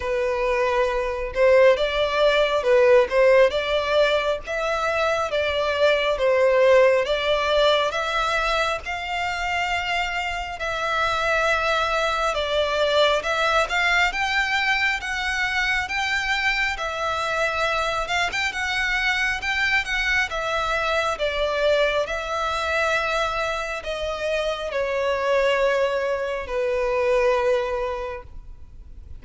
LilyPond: \new Staff \with { instrumentName = "violin" } { \time 4/4 \tempo 4 = 68 b'4. c''8 d''4 b'8 c''8 | d''4 e''4 d''4 c''4 | d''4 e''4 f''2 | e''2 d''4 e''8 f''8 |
g''4 fis''4 g''4 e''4~ | e''8 f''16 g''16 fis''4 g''8 fis''8 e''4 | d''4 e''2 dis''4 | cis''2 b'2 | }